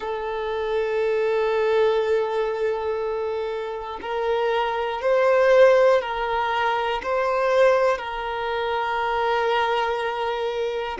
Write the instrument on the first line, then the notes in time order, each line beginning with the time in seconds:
violin
0.00 A4
4.01 A#4
5.01 C5
6.01 A#4
7.02 C5
7.98 A#4